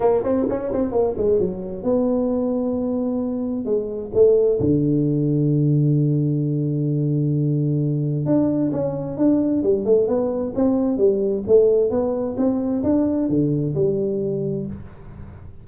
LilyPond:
\new Staff \with { instrumentName = "tuba" } { \time 4/4 \tempo 4 = 131 ais8 c'8 cis'8 c'8 ais8 gis8 fis4 | b1 | gis4 a4 d2~ | d1~ |
d2 d'4 cis'4 | d'4 g8 a8 b4 c'4 | g4 a4 b4 c'4 | d'4 d4 g2 | }